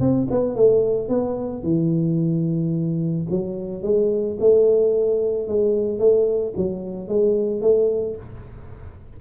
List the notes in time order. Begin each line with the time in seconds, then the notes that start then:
0.00 C4
0.30 B3
0.55 A3
1.09 B3
1.63 E3
3.30 F#3
3.83 G#3
4.40 A3
5.47 G#3
5.99 A3
6.56 F#3
7.08 G#3
7.61 A3